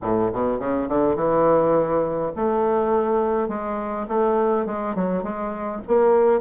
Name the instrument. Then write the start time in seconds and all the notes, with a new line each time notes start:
bassoon
0.02 A2
0.32 B2
0.59 C#3
0.88 D3
1.15 E3
2.35 A3
3.48 G#3
4.08 A3
4.66 G#3
4.95 F#3
5.23 G#3
5.87 A#3